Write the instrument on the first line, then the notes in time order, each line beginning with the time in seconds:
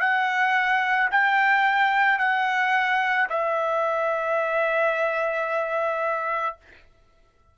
trumpet
0.00 F#5
1.11 G5
2.18 F#5
3.29 E5